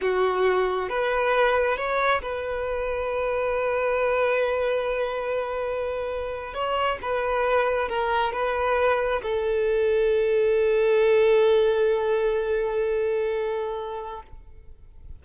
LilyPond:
\new Staff \with { instrumentName = "violin" } { \time 4/4 \tempo 4 = 135 fis'2 b'2 | cis''4 b'2.~ | b'1~ | b'2~ b'8. cis''4 b'16~ |
b'4.~ b'16 ais'4 b'4~ b'16~ | b'8. a'2.~ a'16~ | a'1~ | a'1 | }